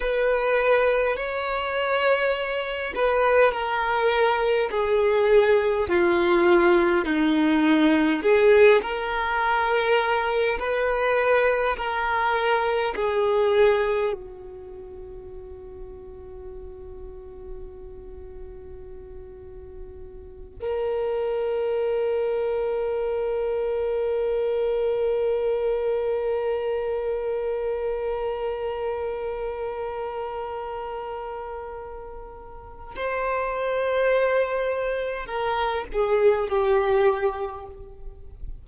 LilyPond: \new Staff \with { instrumentName = "violin" } { \time 4/4 \tempo 4 = 51 b'4 cis''4. b'8 ais'4 | gis'4 f'4 dis'4 gis'8 ais'8~ | ais'4 b'4 ais'4 gis'4 | fis'1~ |
fis'4. ais'2~ ais'8~ | ais'1~ | ais'1 | c''2 ais'8 gis'8 g'4 | }